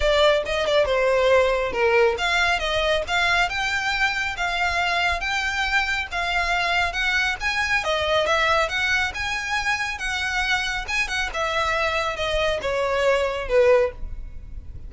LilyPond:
\new Staff \with { instrumentName = "violin" } { \time 4/4 \tempo 4 = 138 d''4 dis''8 d''8 c''2 | ais'4 f''4 dis''4 f''4 | g''2 f''2 | g''2 f''2 |
fis''4 gis''4 dis''4 e''4 | fis''4 gis''2 fis''4~ | fis''4 gis''8 fis''8 e''2 | dis''4 cis''2 b'4 | }